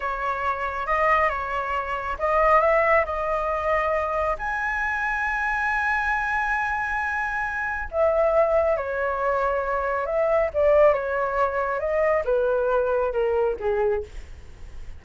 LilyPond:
\new Staff \with { instrumentName = "flute" } { \time 4/4 \tempo 4 = 137 cis''2 dis''4 cis''4~ | cis''4 dis''4 e''4 dis''4~ | dis''2 gis''2~ | gis''1~ |
gis''2 e''2 | cis''2. e''4 | d''4 cis''2 dis''4 | b'2 ais'4 gis'4 | }